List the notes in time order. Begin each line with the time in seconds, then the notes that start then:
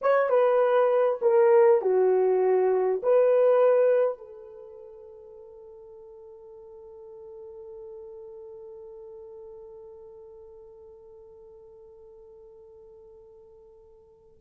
0.01 C#5
0.29 B4
1.21 A#4
1.81 F#4
3.02 B4
4.18 A4